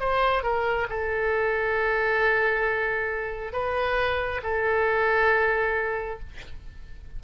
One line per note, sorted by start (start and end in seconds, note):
0.00 0.43 C5
0.43 0.87 A#4
0.90 3.53 A4
3.53 4.41 B4
4.43 6.20 A4